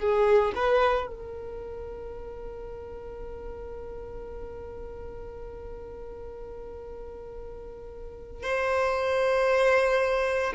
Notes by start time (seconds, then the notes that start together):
0.00 G#4
0.56 B4
1.07 A#4
8.43 C5